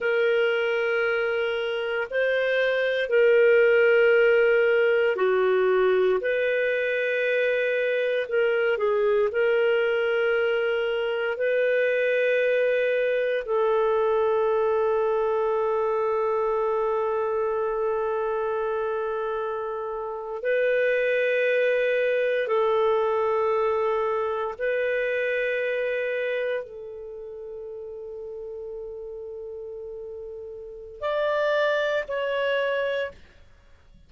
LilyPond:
\new Staff \with { instrumentName = "clarinet" } { \time 4/4 \tempo 4 = 58 ais'2 c''4 ais'4~ | ais'4 fis'4 b'2 | ais'8 gis'8 ais'2 b'4~ | b'4 a'2.~ |
a'2.~ a'8. b'16~ | b'4.~ b'16 a'2 b'16~ | b'4.~ b'16 a'2~ a'16~ | a'2 d''4 cis''4 | }